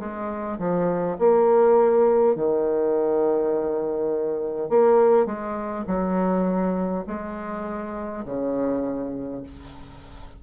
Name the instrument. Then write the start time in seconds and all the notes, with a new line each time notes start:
bassoon
0.00 G#3
0.59 F3
1.19 A#3
2.36 D#3
4.70 A#3
5.26 G#3
5.88 F#3
7.07 G#3
8.26 C#3